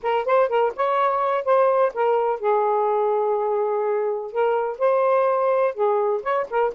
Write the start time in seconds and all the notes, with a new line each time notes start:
0.02 A#4
0.25 C5
0.48 A#4
0.75 C#5
1.44 C5
1.94 A#4
2.40 G#4
4.31 A#4
4.78 C5
5.74 G#4
6.23 C#5
6.50 A#4